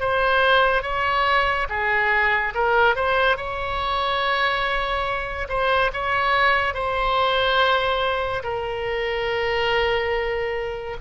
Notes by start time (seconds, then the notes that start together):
0.00 C5
0.83 C#5
1.69 G#4
2.54 A#4
2.96 C5
3.37 C#5
5.49 C5
5.93 C#5
6.74 C5
8.44 A#4